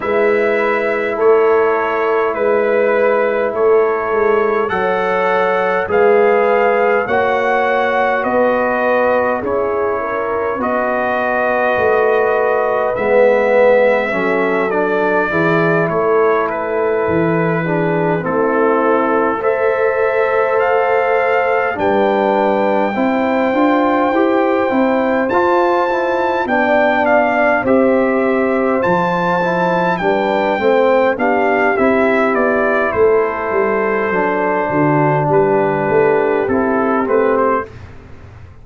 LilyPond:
<<
  \new Staff \with { instrumentName = "trumpet" } { \time 4/4 \tempo 4 = 51 e''4 cis''4 b'4 cis''4 | fis''4 f''4 fis''4 dis''4 | cis''4 dis''2 e''4~ | e''8 d''4 cis''8 b'4. a'8~ |
a'8 e''4 f''4 g''4.~ | g''4. a''4 g''8 f''8 e''8~ | e''8 a''4 g''4 f''8 e''8 d''8 | c''2 b'4 a'8 b'16 c''16 | }
  \new Staff \with { instrumentName = "horn" } { \time 4/4 b'4 a'4 b'4 a'4 | cis''4 b'4 cis''4 b'4 | gis'8 ais'8 b'2. | a'4 gis'8 a'4. gis'8 e'8~ |
e'8 c''2 b'4 c''8~ | c''2~ c''8 d''4 c''8~ | c''4. b'8 c''8 g'4. | a'4. fis'8 g'2 | }
  \new Staff \with { instrumentName = "trombone" } { \time 4/4 e'1 | a'4 gis'4 fis'2 | e'4 fis'2 b4 | cis'8 d'8 e'2 d'8 c'8~ |
c'8 a'2 d'4 e'8 | f'8 g'8 e'8 f'8 e'8 d'4 g'8~ | g'8 f'8 e'8 d'8 c'8 d'8 e'4~ | e'4 d'2 e'8 c'8 | }
  \new Staff \with { instrumentName = "tuba" } { \time 4/4 gis4 a4 gis4 a8 gis8 | fis4 gis4 ais4 b4 | cis'4 b4 a4 gis4 | fis4 e8 a4 e4 a8~ |
a2~ a8 g4 c'8 | d'8 e'8 c'8 f'4 b4 c'8~ | c'8 f4 g8 a8 b8 c'8 b8 | a8 g8 fis8 d8 g8 a8 c'8 a8 | }
>>